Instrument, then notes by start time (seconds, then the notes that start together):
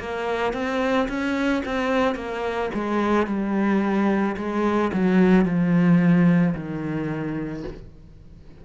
cello
0.00 A#3
0.54 C4
1.09 C#4
1.66 C4
2.16 A#3
2.74 G#3
3.27 G3
4.37 G#3
4.93 F#3
5.45 F3
6.55 D#3